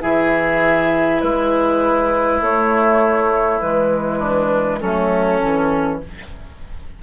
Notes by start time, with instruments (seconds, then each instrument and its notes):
0.00 bassoon E3, clarinet E4, oboe G#4, flute E5
1.20 bassoon G#3, oboe E4, flute B4
2.40 bassoon A3, clarinet A3, flute C#5
3.60 bassoon E3, clarinet G#3, flute B4
4.19 oboe D4
4.80 bassoon F#3, clarinet A3, oboe C#4, flute A4
5.39 bassoon E3, clarinet C#4